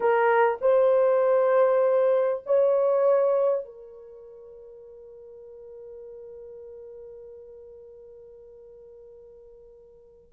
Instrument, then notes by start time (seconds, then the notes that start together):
horn
0.00 A#4
0.61 C5
2.45 C#5
3.64 A#4